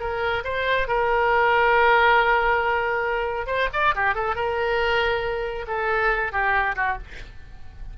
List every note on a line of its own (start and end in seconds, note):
0.00 0.43 A#4
0.44 0.88 C5
0.88 3.47 A#4
3.47 3.69 C5
3.73 3.95 D5
3.95 4.15 G4
4.15 4.36 A4
4.36 5.66 A#4
5.68 6.32 A4
6.32 6.76 G4
6.76 6.98 F#4